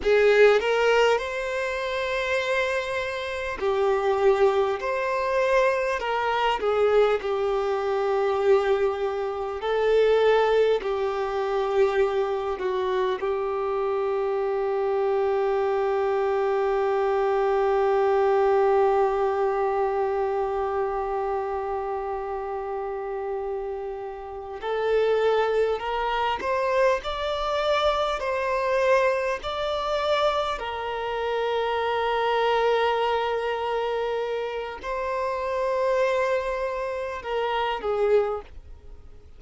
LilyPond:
\new Staff \with { instrumentName = "violin" } { \time 4/4 \tempo 4 = 50 gis'8 ais'8 c''2 g'4 | c''4 ais'8 gis'8 g'2 | a'4 g'4. fis'8 g'4~ | g'1~ |
g'1~ | g'8 a'4 ais'8 c''8 d''4 c''8~ | c''8 d''4 ais'2~ ais'8~ | ais'4 c''2 ais'8 gis'8 | }